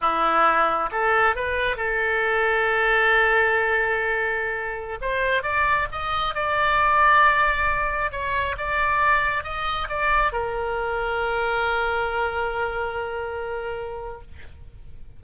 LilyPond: \new Staff \with { instrumentName = "oboe" } { \time 4/4 \tempo 4 = 135 e'2 a'4 b'4 | a'1~ | a'2.~ a'16 c''8.~ | c''16 d''4 dis''4 d''4.~ d''16~ |
d''2~ d''16 cis''4 d''8.~ | d''4~ d''16 dis''4 d''4 ais'8.~ | ais'1~ | ais'1 | }